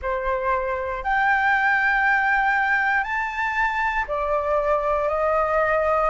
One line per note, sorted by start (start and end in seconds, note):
0.01 1.03 C5
1.04 3.03 G5
3.03 4.05 A5
4.07 5.08 D5
5.08 6.10 D#5